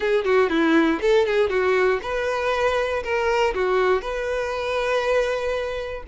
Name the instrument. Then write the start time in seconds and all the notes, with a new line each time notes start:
violin
0.00 G#4
0.24 F#4
0.49 E4
1.01 A4
1.26 G#4
1.49 F#4
2.02 B4
3.03 A#4
3.54 F#4
4.01 B4